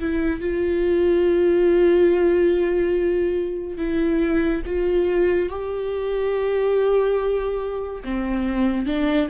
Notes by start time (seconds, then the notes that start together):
0.00 E4
0.40 F4
3.78 E4
4.66 F4
5.50 G4
8.04 C4
8.86 D4